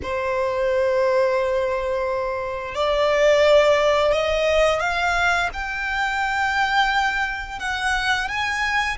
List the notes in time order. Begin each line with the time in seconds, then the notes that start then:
0.02 C5
2.75 D5
4.12 D#5
4.80 F5
5.53 G5
7.59 F#5
8.28 G#5